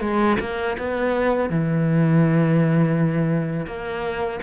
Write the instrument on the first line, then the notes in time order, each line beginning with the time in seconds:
cello
0.00 G#3
0.40 A#3
0.78 B3
1.50 E3
3.66 A#3